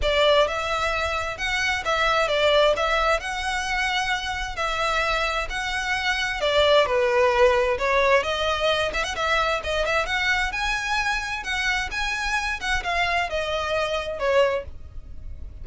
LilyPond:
\new Staff \with { instrumentName = "violin" } { \time 4/4 \tempo 4 = 131 d''4 e''2 fis''4 | e''4 d''4 e''4 fis''4~ | fis''2 e''2 | fis''2 d''4 b'4~ |
b'4 cis''4 dis''4. e''16 fis''16 | e''4 dis''8 e''8 fis''4 gis''4~ | gis''4 fis''4 gis''4. fis''8 | f''4 dis''2 cis''4 | }